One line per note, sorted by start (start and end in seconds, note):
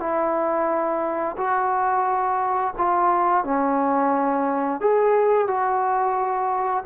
0.00 1.36 E4
1.38 2.74 F#4
2.78 3.45 F4
3.45 4.81 C#4
4.81 5.48 G#4
5.48 6.84 F#4